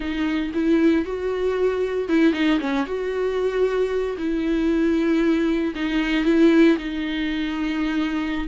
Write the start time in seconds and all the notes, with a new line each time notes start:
0.00 D#4
0.54 E4
1.05 F#4
2.08 E4
2.32 D#4
2.60 C#4
2.86 F#4
4.17 E4
5.75 D#4
6.25 E4
6.78 D#4